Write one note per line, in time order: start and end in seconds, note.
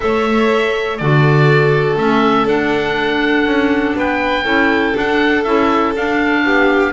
0.00 1.01 A3
0.00 0.98 A4
0.00 1.00 C#5
0.00 0.97 E5
0.97 1.96 D3
0.97 1.97 F#4
0.97 3.97 A4
0.97 1.96 D5
1.96 2.45 A3
1.96 2.47 C#4
1.96 2.47 E5
2.45 3.44 D4
2.45 4.45 D4
2.45 3.96 F#5
3.45 3.94 C#4
3.96 4.44 B3
3.96 4.43 B4
3.96 4.97 G5
4.43 4.94 C#4
4.43 4.93 E4
4.43 6.42 A4
4.93 5.43 D4
4.93 5.46 D4
4.93 5.43 F#5
5.43 5.95 C#4
5.43 5.94 E4
5.43 5.93 E5
5.95 6.45 D4
5.95 6.93 D4
5.95 6.93 F5
6.45 6.93 B3
6.45 6.93 G4